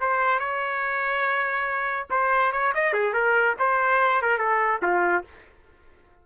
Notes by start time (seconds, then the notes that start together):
0.00 C5
0.39 C#5
2.10 C5
2.52 C#5
2.74 D#5
2.93 G#4
3.13 A#4
3.59 C5
4.22 A#4
4.38 A4
4.82 F4